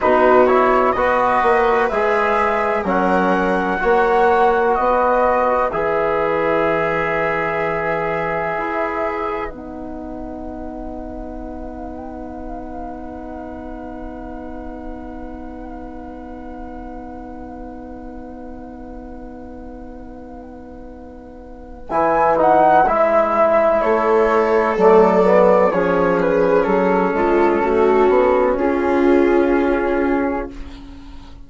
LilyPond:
<<
  \new Staff \with { instrumentName = "flute" } { \time 4/4 \tempo 4 = 63 b'8 cis''8 dis''4 e''4 fis''4~ | fis''4 dis''4 e''2~ | e''2 fis''2~ | fis''1~ |
fis''1~ | fis''2. gis''8 fis''8 | e''4 cis''4 d''4 cis''8 b'8 | a'2 gis'2 | }
  \new Staff \with { instrumentName = "viola" } { \time 4/4 fis'4 b'2 ais'4 | cis''4 b'2.~ | b'1~ | b'1~ |
b'1~ | b'1~ | b'4 a'2 gis'4~ | gis'8 f'8 fis'4 f'2 | }
  \new Staff \with { instrumentName = "trombone" } { \time 4/4 dis'8 e'8 fis'4 gis'4 cis'4 | fis'2 gis'2~ | gis'2 dis'2~ | dis'1~ |
dis'1~ | dis'2. e'8 dis'8 | e'2 a8 b8 cis'4~ | cis'1 | }
  \new Staff \with { instrumentName = "bassoon" } { \time 4/4 b,4 b8 ais8 gis4 fis4 | ais4 b4 e2~ | e4 e'4 b2~ | b1~ |
b1~ | b2. e4 | gis4 a4 fis4 f4 | fis8 gis8 a8 b8 cis'2 | }
>>